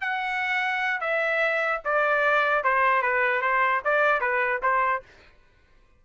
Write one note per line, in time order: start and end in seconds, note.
0.00 1.00 F#5
1.00 1.81 E5
1.84 2.63 D5
2.63 3.02 C5
3.02 3.41 B4
3.41 3.81 C5
3.84 4.20 D5
4.20 4.60 B4
4.62 5.02 C5